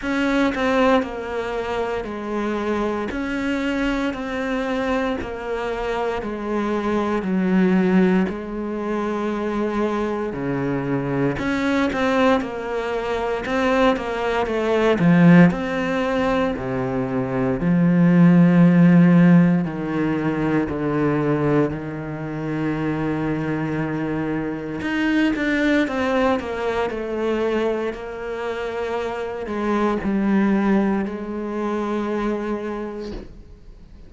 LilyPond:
\new Staff \with { instrumentName = "cello" } { \time 4/4 \tempo 4 = 58 cis'8 c'8 ais4 gis4 cis'4 | c'4 ais4 gis4 fis4 | gis2 cis4 cis'8 c'8 | ais4 c'8 ais8 a8 f8 c'4 |
c4 f2 dis4 | d4 dis2. | dis'8 d'8 c'8 ais8 a4 ais4~ | ais8 gis8 g4 gis2 | }